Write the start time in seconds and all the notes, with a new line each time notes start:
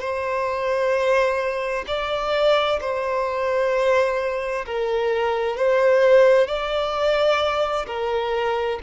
0.00 C5
1.87 D5
2.81 C5
4.66 A#4
5.57 C5
6.47 D5
7.87 A#4